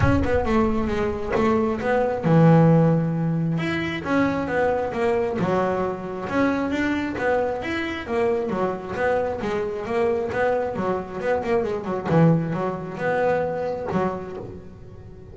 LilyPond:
\new Staff \with { instrumentName = "double bass" } { \time 4/4 \tempo 4 = 134 cis'8 b8 a4 gis4 a4 | b4 e2. | e'4 cis'4 b4 ais4 | fis2 cis'4 d'4 |
b4 e'4 ais4 fis4 | b4 gis4 ais4 b4 | fis4 b8 ais8 gis8 fis8 e4 | fis4 b2 fis4 | }